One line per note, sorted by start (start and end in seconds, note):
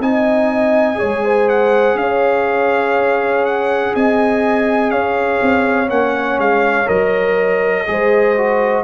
0.00 0.98 C4
0.00 0.96 D#4
0.00 0.99 D#5
0.00 1.49 G#5
0.96 5.87 G#4
0.96 1.24 C#5
1.03 1.95 G#3
1.25 1.99 C5
1.49 1.98 F#5
1.95 3.92 C#4
1.95 3.96 C#5
1.95 3.45 F5
3.46 3.95 F#5
3.96 4.91 C4
3.96 4.92 D#5
3.96 4.91 G#5
4.91 5.40 C#4
4.91 7.87 C#5
4.91 5.90 F5
5.42 5.90 C4
5.89 6.39 A#3
5.89 6.86 C#4
5.89 6.40 F#5
6.39 6.88 G#3
6.39 6.89 F5
6.86 7.87 F#3
6.86 7.85 A#4
6.86 8.84 D#5
7.87 8.84 G#3
7.87 8.36 G#4
7.87 8.84 C5
8.38 8.84 F#4